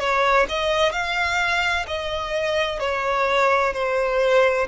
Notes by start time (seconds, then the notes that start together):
0.00 C#5
0.49 D#5
0.92 F5
1.87 D#5
2.80 C#5
3.74 C5